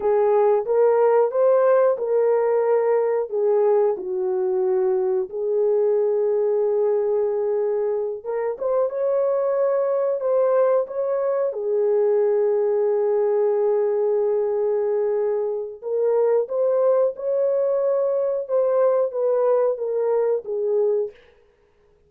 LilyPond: \new Staff \with { instrumentName = "horn" } { \time 4/4 \tempo 4 = 91 gis'4 ais'4 c''4 ais'4~ | ais'4 gis'4 fis'2 | gis'1~ | gis'8 ais'8 c''8 cis''2 c''8~ |
c''8 cis''4 gis'2~ gis'8~ | gis'1 | ais'4 c''4 cis''2 | c''4 b'4 ais'4 gis'4 | }